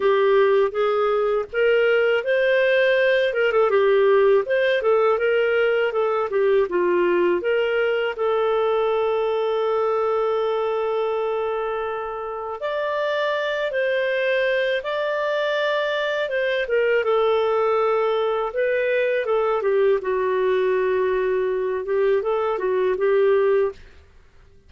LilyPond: \new Staff \with { instrumentName = "clarinet" } { \time 4/4 \tempo 4 = 81 g'4 gis'4 ais'4 c''4~ | c''8 ais'16 a'16 g'4 c''8 a'8 ais'4 | a'8 g'8 f'4 ais'4 a'4~ | a'1~ |
a'4 d''4. c''4. | d''2 c''8 ais'8 a'4~ | a'4 b'4 a'8 g'8 fis'4~ | fis'4. g'8 a'8 fis'8 g'4 | }